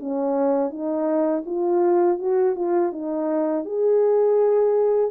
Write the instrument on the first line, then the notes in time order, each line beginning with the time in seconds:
horn
0.00 C#4
0.71 D#4
1.46 F4
2.19 F#4
2.56 F4
2.93 D#4
3.65 G#4